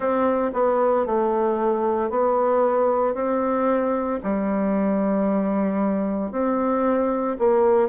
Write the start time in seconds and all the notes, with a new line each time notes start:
0.00 C4
0.53 B3
1.06 A3
2.10 B3
3.14 C4
4.23 G3
6.31 C4
7.38 A#3